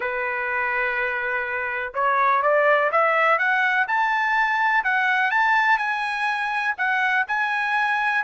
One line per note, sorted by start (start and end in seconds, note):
0.00 1.93 B4
1.94 2.42 C#5
2.42 2.90 D5
2.91 3.38 E5
3.38 3.86 F#5
3.87 4.84 A5
4.84 5.30 F#5
5.30 5.78 A5
5.78 6.74 G#5
6.77 7.26 F#5
7.27 8.24 G#5